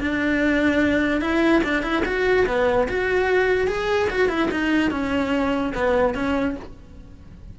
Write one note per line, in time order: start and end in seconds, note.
0.00 1.21 D4
1.21 1.62 E4
1.64 1.83 D4
1.83 2.03 E4
2.05 2.46 F#4
2.47 2.88 B3
2.89 3.68 F#4
3.68 4.09 G#4
4.10 4.29 F#4
4.29 4.49 E4
4.51 4.91 D#4
4.91 5.73 C#4
5.75 6.14 B3
6.14 6.55 C#4